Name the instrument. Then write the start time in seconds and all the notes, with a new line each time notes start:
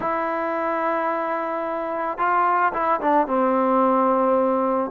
trombone
0.00 E4
2.17 F4
2.73 E4
3.00 D4
3.27 C4